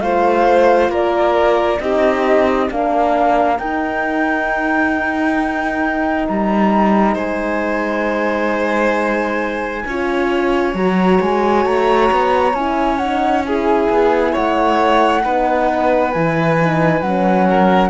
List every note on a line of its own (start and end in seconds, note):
0.00 0.89 A3
0.00 1.81 F4
0.00 0.91 C5
0.00 0.90 F5
0.89 1.79 A#3
0.89 1.80 A#4
0.89 1.80 D5
1.80 2.69 C4
1.80 2.68 D#4
1.80 2.71 G4
1.80 2.69 D#5
2.68 3.59 A#3
2.68 3.58 D4
2.68 7.14 A#4
2.68 3.58 F5
3.58 6.28 D#4
3.58 9.87 D#4
3.58 6.27 G5
6.27 7.16 G3
6.27 7.17 A#5
7.14 9.84 G#3
7.14 9.83 C5
7.14 10.76 G#5
9.86 10.74 C#4
9.86 10.74 F4
9.86 13.46 C#5
10.74 11.19 F#3
10.74 12.54 F#4
10.74 11.21 A#5
11.21 11.65 G#3
11.21 11.66 G#5
11.65 12.10 A3
11.65 12.54 A#5
12.12 12.53 B3
12.53 13.88 C#4
12.53 13.00 E4
12.53 12.97 G#5
12.97 13.44 D#4
12.97 13.42 F#5
13.44 15.23 E4
13.44 14.32 G#4
13.44 14.34 G#5
13.90 14.34 B3
14.32 15.25 A3
14.32 15.22 C#5
14.32 16.12 F#5
15.23 16.15 B3
15.23 16.13 D#4
15.23 17.48 B4
16.12 17.01 E3
16.12 16.60 E4
16.12 17.01 G#5
16.60 17.02 D#4
17.01 17.90 F#3
17.01 17.90 C#4
17.01 17.90 F#5
17.49 17.90 A#4